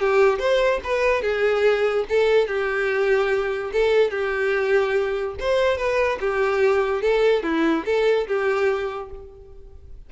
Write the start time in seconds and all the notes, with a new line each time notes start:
0.00 G4
0.39 C5
0.84 B4
1.23 G#4
2.10 A4
2.48 G4
3.73 A4
4.11 G4
5.40 C5
5.78 B4
6.21 G4
7.02 A4
7.44 E4
7.86 A4
8.28 G4